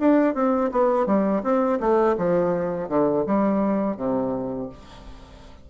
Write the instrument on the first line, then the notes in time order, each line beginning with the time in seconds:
bassoon
0.00 D4
0.35 C4
0.72 B3
1.06 G3
1.43 C4
1.80 A3
2.18 F3
2.89 D3
3.27 G3
3.97 C3